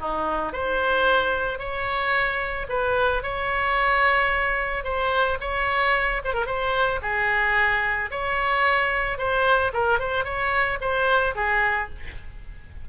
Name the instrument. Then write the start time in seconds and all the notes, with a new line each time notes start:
oboe
0.00 D#4
0.53 C5
1.58 C#5
2.69 B4
3.23 C#5
4.84 C5
5.40 C#5
6.24 C5
6.33 A#4
6.46 C5
7.02 G#4
8.11 C#5
9.18 C5
9.73 A#4
9.99 C5
10.24 C#5
10.81 C5
11.35 G#4